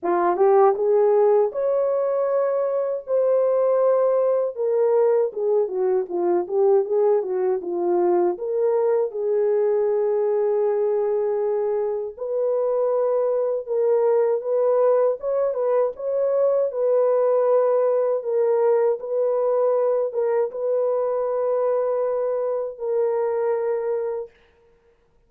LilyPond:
\new Staff \with { instrumentName = "horn" } { \time 4/4 \tempo 4 = 79 f'8 g'8 gis'4 cis''2 | c''2 ais'4 gis'8 fis'8 | f'8 g'8 gis'8 fis'8 f'4 ais'4 | gis'1 |
b'2 ais'4 b'4 | cis''8 b'8 cis''4 b'2 | ais'4 b'4. ais'8 b'4~ | b'2 ais'2 | }